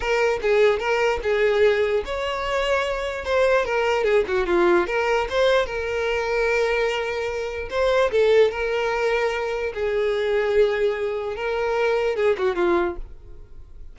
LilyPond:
\new Staff \with { instrumentName = "violin" } { \time 4/4 \tempo 4 = 148 ais'4 gis'4 ais'4 gis'4~ | gis'4 cis''2. | c''4 ais'4 gis'8 fis'8 f'4 | ais'4 c''4 ais'2~ |
ais'2. c''4 | a'4 ais'2. | gis'1 | ais'2 gis'8 fis'8 f'4 | }